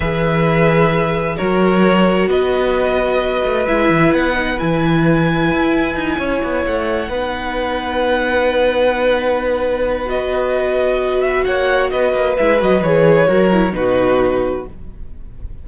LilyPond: <<
  \new Staff \with { instrumentName = "violin" } { \time 4/4 \tempo 4 = 131 e''2. cis''4~ | cis''4 dis''2. | e''4 fis''4 gis''2~ | gis''2~ gis''8 fis''4.~ |
fis''1~ | fis''2 dis''2~ | dis''8 e''8 fis''4 dis''4 e''8 dis''8 | cis''2 b'2 | }
  \new Staff \with { instrumentName = "violin" } { \time 4/4 b'2. ais'4~ | ais'4 b'2.~ | b'1~ | b'4. cis''2 b'8~ |
b'1~ | b'1~ | b'4 cis''4 b'2~ | b'4 ais'4 fis'2 | }
  \new Staff \with { instrumentName = "viola" } { \time 4/4 gis'2. fis'4~ | fis'1 | e'4. dis'8 e'2~ | e'2.~ e'8 dis'8~ |
dis'1~ | dis'2 fis'2~ | fis'2. e'8 fis'8 | gis'4 fis'8 e'8 dis'2 | }
  \new Staff \with { instrumentName = "cello" } { \time 4/4 e2. fis4~ | fis4 b2~ b8 a8 | gis8 e8 b4 e2 | e'4 dis'8 cis'8 b8 a4 b8~ |
b1~ | b1~ | b4 ais4 b8 ais8 gis8 fis8 | e4 fis4 b,2 | }
>>